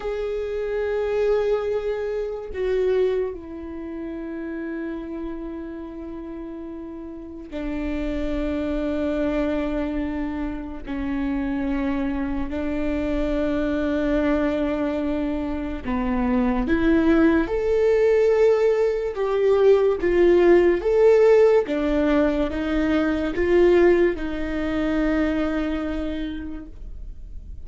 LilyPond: \new Staff \with { instrumentName = "viola" } { \time 4/4 \tempo 4 = 72 gis'2. fis'4 | e'1~ | e'4 d'2.~ | d'4 cis'2 d'4~ |
d'2. b4 | e'4 a'2 g'4 | f'4 a'4 d'4 dis'4 | f'4 dis'2. | }